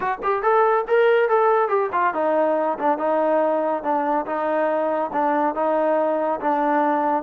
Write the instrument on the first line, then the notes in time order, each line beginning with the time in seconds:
trombone
0.00 F#4
0.22 G4
0.42 A4
0.87 A#4
1.28 A4
1.68 G4
1.92 F4
2.14 D#4
2.79 D4
2.98 D#4
3.83 D4
4.26 D#4
5.12 D4
5.55 D#4
6.40 D4